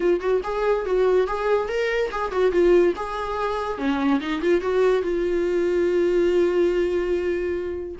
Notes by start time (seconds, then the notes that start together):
0.00 F4
0.20 F#4
0.43 G#4
0.85 F#4
1.27 G#4
1.68 A#4
2.11 G#4
2.31 F#4
2.51 F4
2.95 G#4
3.77 C#4
4.20 D#4
4.41 F4
4.61 F#4
5.02 F4